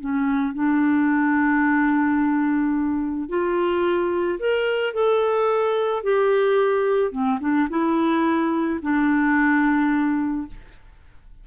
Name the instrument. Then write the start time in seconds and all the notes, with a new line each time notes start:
clarinet
0.00 C#4
0.54 D4
3.29 F4
4.39 A#4
4.94 A4
6.03 G4
7.11 C4
7.40 D4
7.69 E4
8.82 D4